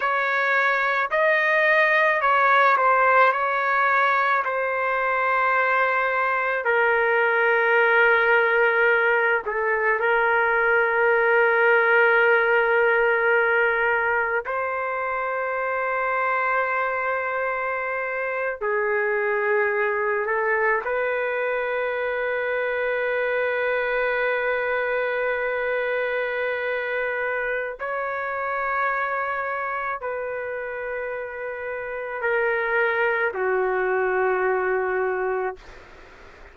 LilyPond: \new Staff \with { instrumentName = "trumpet" } { \time 4/4 \tempo 4 = 54 cis''4 dis''4 cis''8 c''8 cis''4 | c''2 ais'2~ | ais'8 a'8 ais'2.~ | ais'4 c''2.~ |
c''8. gis'4. a'8 b'4~ b'16~ | b'1~ | b'4 cis''2 b'4~ | b'4 ais'4 fis'2 | }